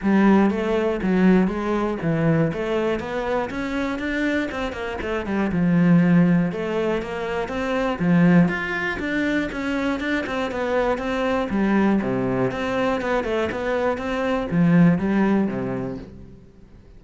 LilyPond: \new Staff \with { instrumentName = "cello" } { \time 4/4 \tempo 4 = 120 g4 a4 fis4 gis4 | e4 a4 b4 cis'4 | d'4 c'8 ais8 a8 g8 f4~ | f4 a4 ais4 c'4 |
f4 f'4 d'4 cis'4 | d'8 c'8 b4 c'4 g4 | c4 c'4 b8 a8 b4 | c'4 f4 g4 c4 | }